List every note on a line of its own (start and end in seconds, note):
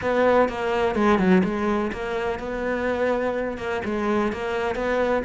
0.01 0.48 B3
0.48 0.95 A#3
0.95 1.18 G#3
1.18 1.42 F#3
1.44 1.91 G#3
1.92 2.39 A#3
2.39 3.57 B3
3.57 3.81 A#3
3.84 4.32 G#3
4.32 4.75 A#3
4.75 5.23 B3